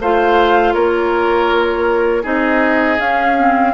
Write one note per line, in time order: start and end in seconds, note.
0.00 0.75 A3
0.00 2.24 F4
0.00 0.74 C5
0.00 0.74 F5
0.74 2.25 A#3
0.74 2.23 A#4
0.74 2.24 C#5
2.23 2.99 C4
2.23 2.99 D#4
2.23 3.73 G#4
2.23 3.00 D#5
2.99 3.36 C#4
2.99 3.74 C#4
2.99 3.74 F5
3.38 3.74 C4